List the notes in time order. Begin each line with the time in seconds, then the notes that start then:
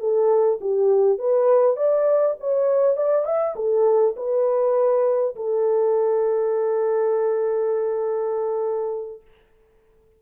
0.00 A4
0.62 G4
1.19 B4
1.77 D5
2.40 C#5
2.97 D5
3.26 E5
3.56 A4
4.17 B4
5.36 A4